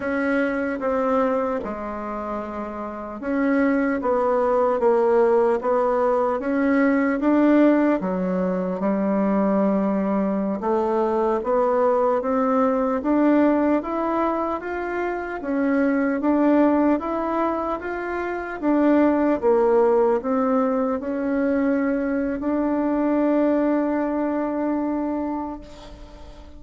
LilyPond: \new Staff \with { instrumentName = "bassoon" } { \time 4/4 \tempo 4 = 75 cis'4 c'4 gis2 | cis'4 b4 ais4 b4 | cis'4 d'4 fis4 g4~ | g4~ g16 a4 b4 c'8.~ |
c'16 d'4 e'4 f'4 cis'8.~ | cis'16 d'4 e'4 f'4 d'8.~ | d'16 ais4 c'4 cis'4.~ cis'16 | d'1 | }